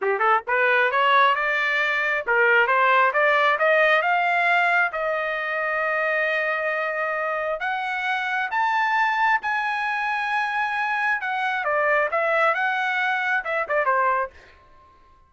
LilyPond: \new Staff \with { instrumentName = "trumpet" } { \time 4/4 \tempo 4 = 134 g'8 a'8 b'4 cis''4 d''4~ | d''4 ais'4 c''4 d''4 | dis''4 f''2 dis''4~ | dis''1~ |
dis''4 fis''2 a''4~ | a''4 gis''2.~ | gis''4 fis''4 d''4 e''4 | fis''2 e''8 d''8 c''4 | }